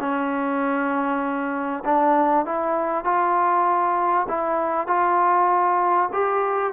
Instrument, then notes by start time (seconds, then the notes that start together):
trombone
0.00 C#4
1.85 D4
2.46 E4
3.04 F4
4.29 E4
4.87 F4
6.13 G4